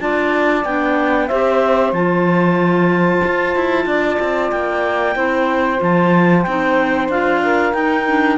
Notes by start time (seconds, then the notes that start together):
0.00 D4 F4 D5 A5
0.65 B3 D4 G5
1.27 C4 G4 C5 E5
1.92 F3 F4 A5
3.25 F4
3.56 E4
3.86 D4 D5
4.19 C4
4.51 A#3 G5
5.15 C4 E4 C5
5.77 F3 F4 A5
6.43 C4 D#4 G5
7.08 D4 F4 F5
7.42 A#4
7.73 D#4 G5
8.07 D4